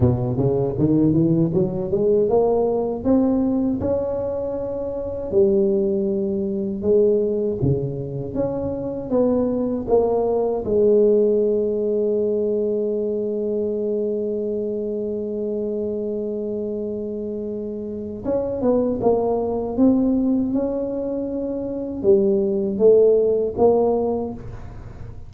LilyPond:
\new Staff \with { instrumentName = "tuba" } { \time 4/4 \tempo 4 = 79 b,8 cis8 dis8 e8 fis8 gis8 ais4 | c'4 cis'2 g4~ | g4 gis4 cis4 cis'4 | b4 ais4 gis2~ |
gis1~ | gis1 | cis'8 b8 ais4 c'4 cis'4~ | cis'4 g4 a4 ais4 | }